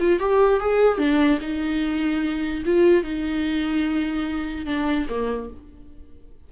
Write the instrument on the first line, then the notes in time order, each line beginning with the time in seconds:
viola
0.00 F4
0.20 G4
0.60 G#4
0.99 D4
1.41 D#4
2.66 F4
3.04 D#4
4.66 D4
5.09 A#3